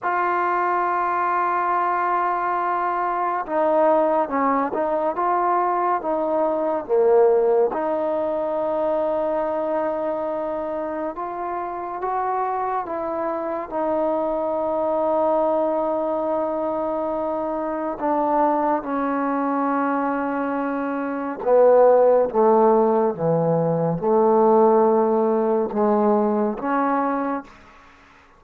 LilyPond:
\new Staff \with { instrumentName = "trombone" } { \time 4/4 \tempo 4 = 70 f'1 | dis'4 cis'8 dis'8 f'4 dis'4 | ais4 dis'2.~ | dis'4 f'4 fis'4 e'4 |
dis'1~ | dis'4 d'4 cis'2~ | cis'4 b4 a4 e4 | a2 gis4 cis'4 | }